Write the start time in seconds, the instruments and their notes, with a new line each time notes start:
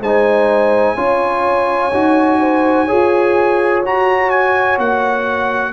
0.00 tuba G#3, trombone D#4, horn C5, trumpet G#5
0.95 tuba C#4, trombone F4, horn C#5
1.93 tuba D#4, trombone F#4
2.40 horn C5
2.85 trombone G#4, horn C#5
2.92 tuba F4
3.84 tuba F#4, trombone F#4, trumpet A#5
4.30 trumpet G#5
4.78 tuba A#3, trumpet F#5